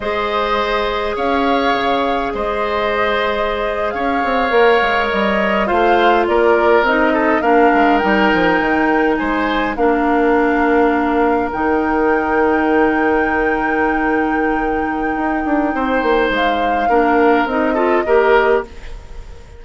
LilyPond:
<<
  \new Staff \with { instrumentName = "flute" } { \time 4/4 \tempo 4 = 103 dis''2 f''2 | dis''2~ dis''8. f''4~ f''16~ | f''8. dis''4 f''4 d''4 dis''16~ | dis''8. f''4 g''2 gis''16~ |
gis''8. f''2. g''16~ | g''1~ | g''1 | f''2 dis''2 | }
  \new Staff \with { instrumentName = "oboe" } { \time 4/4 c''2 cis''2 | c''2~ c''8. cis''4~ cis''16~ | cis''4.~ cis''16 c''4 ais'4~ ais'16~ | ais'16 a'8 ais'2. c''16~ |
c''8. ais'2.~ ais'16~ | ais'1~ | ais'2. c''4~ | c''4 ais'4. a'8 ais'4 | }
  \new Staff \with { instrumentName = "clarinet" } { \time 4/4 gis'1~ | gis'2.~ gis'8. ais'16~ | ais'4.~ ais'16 f'2 dis'16~ | dis'8. d'4 dis'2~ dis'16~ |
dis'8. d'2. dis'16~ | dis'1~ | dis'1~ | dis'4 d'4 dis'8 f'8 g'4 | }
  \new Staff \with { instrumentName = "bassoon" } { \time 4/4 gis2 cis'4 cis4 | gis2~ gis8. cis'8 c'8 ais16~ | ais16 gis8 g4 a4 ais4 c'16~ | c'8. ais8 gis8 g8 f8 dis4 gis16~ |
gis8. ais2. dis16~ | dis1~ | dis2 dis'8 d'8 c'8 ais8 | gis4 ais4 c'4 ais4 | }
>>